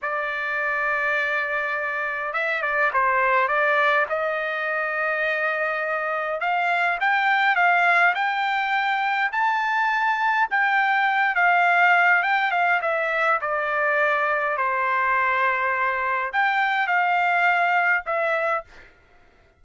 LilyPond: \new Staff \with { instrumentName = "trumpet" } { \time 4/4 \tempo 4 = 103 d''1 | e''8 d''8 c''4 d''4 dis''4~ | dis''2. f''4 | g''4 f''4 g''2 |
a''2 g''4. f''8~ | f''4 g''8 f''8 e''4 d''4~ | d''4 c''2. | g''4 f''2 e''4 | }